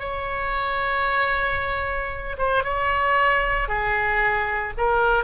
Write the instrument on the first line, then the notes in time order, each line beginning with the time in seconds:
oboe
0.00 C#5
2.38 C5
2.64 C#5
3.68 G#4
4.78 A#4